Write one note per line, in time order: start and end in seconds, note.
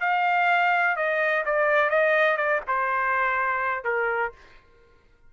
0.00 0.96 F5
0.96 1.44 D#5
1.45 1.90 D5
1.90 2.37 D#5
2.37 2.61 D5
2.67 3.84 C5
3.84 4.32 A#4